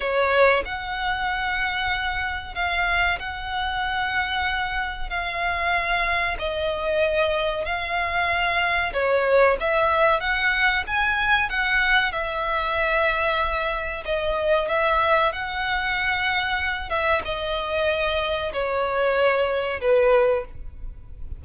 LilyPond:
\new Staff \with { instrumentName = "violin" } { \time 4/4 \tempo 4 = 94 cis''4 fis''2. | f''4 fis''2. | f''2 dis''2 | f''2 cis''4 e''4 |
fis''4 gis''4 fis''4 e''4~ | e''2 dis''4 e''4 | fis''2~ fis''8 e''8 dis''4~ | dis''4 cis''2 b'4 | }